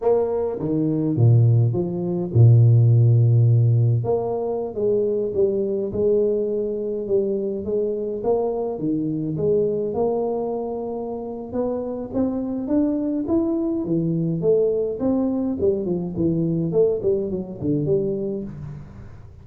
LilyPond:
\new Staff \with { instrumentName = "tuba" } { \time 4/4 \tempo 4 = 104 ais4 dis4 ais,4 f4 | ais,2. ais4~ | ais16 gis4 g4 gis4.~ gis16~ | gis16 g4 gis4 ais4 dis8.~ |
dis16 gis4 ais2~ ais8. | b4 c'4 d'4 e'4 | e4 a4 c'4 g8 f8 | e4 a8 g8 fis8 d8 g4 | }